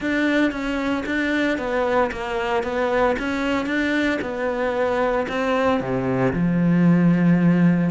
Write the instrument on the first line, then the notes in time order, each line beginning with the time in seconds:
cello
0.00 D4
0.51 C#4
1.06 D4
1.58 B3
2.11 A#3
2.63 B3
3.18 C#4
3.66 D4
4.21 B3
5.28 C4
5.80 C3
6.33 F3